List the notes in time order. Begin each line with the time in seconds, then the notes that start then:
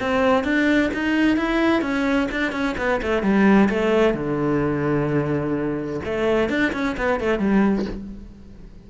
0.00 C4
0.44 D4
0.93 D#4
1.37 E4
1.82 C#4
2.31 D4
2.52 C#4
2.77 B3
3.02 A3
3.22 G3
3.69 A3
4.14 D3
6.05 A3
6.49 D4
6.73 C#4
6.97 B3
7.20 A3
7.38 G3